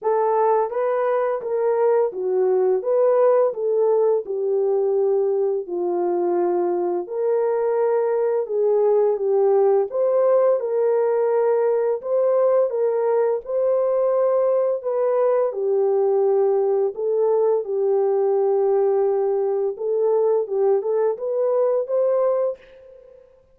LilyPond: \new Staff \with { instrumentName = "horn" } { \time 4/4 \tempo 4 = 85 a'4 b'4 ais'4 fis'4 | b'4 a'4 g'2 | f'2 ais'2 | gis'4 g'4 c''4 ais'4~ |
ais'4 c''4 ais'4 c''4~ | c''4 b'4 g'2 | a'4 g'2. | a'4 g'8 a'8 b'4 c''4 | }